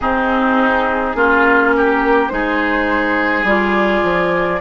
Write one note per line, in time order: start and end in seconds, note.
0.00 1.15 C4
0.00 1.14 C4
0.00 1.16 D#4
0.00 1.70 G#4
1.14 2.30 A#3
1.14 2.29 C#4
1.14 1.74 F4
1.75 2.32 G4
1.75 2.28 A#4
2.28 3.43 G#3
2.28 3.45 D#4
2.28 4.61 G#4
2.28 3.44 C5
3.43 4.01 G3
3.43 4.61 F4
3.43 4.61 D5
4.03 4.61 F3